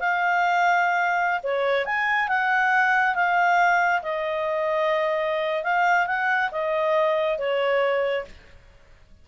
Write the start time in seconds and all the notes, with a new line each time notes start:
0.00 F5
1.43 C#5
1.86 G#5
2.28 F#5
3.15 F5
4.03 D#5
5.64 F5
6.07 F#5
6.52 D#5
7.39 C#5